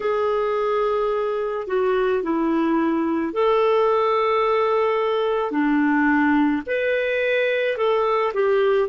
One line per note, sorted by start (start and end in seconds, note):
0.00 1.67 G#4
1.67 2.22 F#4
2.22 3.33 E4
3.33 5.51 A4
5.51 6.62 D4
6.66 7.77 B4
7.77 8.32 A4
8.33 8.88 G4